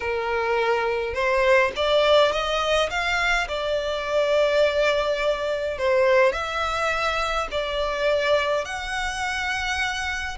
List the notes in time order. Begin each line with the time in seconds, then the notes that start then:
0.00 A#4
1.14 C5
1.76 D5
2.32 D#5
2.90 F5
3.48 D5
5.77 C5
6.32 E5
7.51 D5
8.64 F#5